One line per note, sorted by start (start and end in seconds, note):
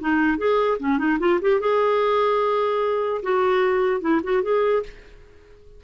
0.00 0.38 D#4
0.38 0.78 G#4
0.79 0.98 C#4
0.98 1.18 D#4
1.20 1.40 F4
1.41 1.60 G4
1.60 3.21 G#4
3.23 4.01 F#4
4.01 4.21 E4
4.23 4.43 F#4
4.43 4.83 G#4